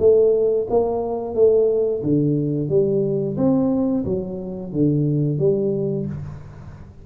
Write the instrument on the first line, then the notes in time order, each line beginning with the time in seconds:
tuba
0.00 A3
0.70 A#3
1.35 A3
2.03 D3
2.69 G3
3.37 C4
4.05 F#3
4.73 D3
5.39 G3